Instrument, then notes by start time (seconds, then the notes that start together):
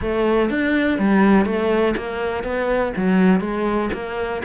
cello
0.01 A3
0.50 D4
0.98 G3
1.45 A3
1.96 A#3
2.43 B3
2.96 F#3
3.40 G#3
3.93 A#3